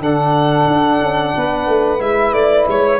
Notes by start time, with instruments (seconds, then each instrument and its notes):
0.00 tuba D3, trombone D4, saxophone A4, violin F#5
0.67 tuba D4
1.01 tuba C#4
1.36 tuba B3, saxophone B4
1.67 tuba A3
1.99 tuba G#3, trombone E4, violin E5
2.33 tuba A3, violin D5
2.68 tuba G#3, violin C#5